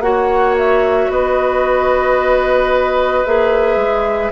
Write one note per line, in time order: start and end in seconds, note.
0.00 1.07 A#3
0.00 3.25 F#4
0.00 1.11 C#5
0.00 0.55 F#5
0.58 1.12 E5
1.10 3.24 B3
1.10 4.32 B4
1.10 3.25 D#5
3.25 3.76 A#3
3.25 4.32 G#4
3.25 4.32 E5
3.76 4.30 G#3